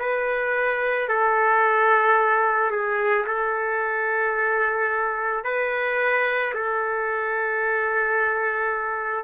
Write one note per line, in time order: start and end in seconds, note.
0.00 1.09 B4
1.09 2.71 A4
2.71 3.26 G#4
3.27 5.45 A4
5.45 6.54 B4
6.55 9.24 A4